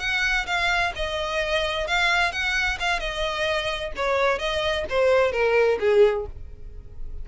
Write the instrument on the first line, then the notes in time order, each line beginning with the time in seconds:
violin
0.00 F#5
0.47 F5
0.96 D#5
1.87 F5
2.32 F#5
2.80 F5
3.00 D#5
3.96 C#5
4.39 D#5
4.90 C5
5.32 A#4
5.80 G#4